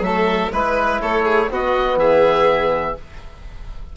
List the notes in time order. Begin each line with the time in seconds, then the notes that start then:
0.00 F#3 A3 A4 E5
0.52 G#3 E4 B4
1.01 A3 A4 C#5
1.25 G#4
1.50 B3 F#4 D#5
1.96 E3 G#4 E5